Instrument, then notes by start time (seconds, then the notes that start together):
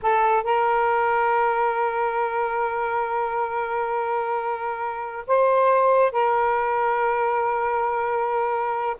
saxophone
0.02 A4
0.43 A#4
5.27 C5
6.12 A#4